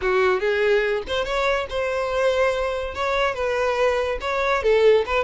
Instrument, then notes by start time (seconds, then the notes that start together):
violin
0.01 F#4
0.39 G#4
1.07 C5
1.24 C#5
1.69 C5
2.94 C#5
3.34 B4
4.21 C#5
4.62 A4
5.06 B4